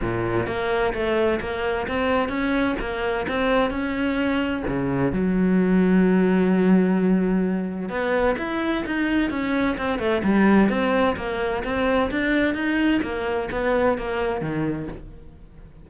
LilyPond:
\new Staff \with { instrumentName = "cello" } { \time 4/4 \tempo 4 = 129 ais,4 ais4 a4 ais4 | c'4 cis'4 ais4 c'4 | cis'2 cis4 fis4~ | fis1~ |
fis4 b4 e'4 dis'4 | cis'4 c'8 a8 g4 c'4 | ais4 c'4 d'4 dis'4 | ais4 b4 ais4 dis4 | }